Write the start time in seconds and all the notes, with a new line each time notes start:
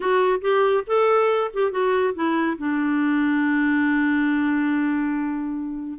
0.00 F#4
0.41 G4
0.86 A4
1.53 G4
1.71 F#4
2.14 E4
2.58 D4